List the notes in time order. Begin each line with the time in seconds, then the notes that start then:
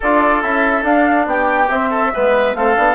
0.00 D4 F4 A4 D5
0.41 C#4 E4 E5
0.82 D4 F5
1.26 B3 G4 G5
1.68 C4 E5
1.89 A4
2.14 G#3 B3 B4
2.54 A3 C4 A4 F5
2.76 B3 D4